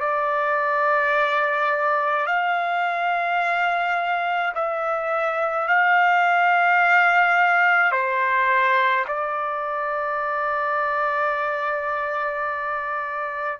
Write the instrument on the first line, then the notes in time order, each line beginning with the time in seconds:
trumpet
0.00 D5
2.26 F5
4.55 E5
5.68 F5
7.91 C5
9.08 D5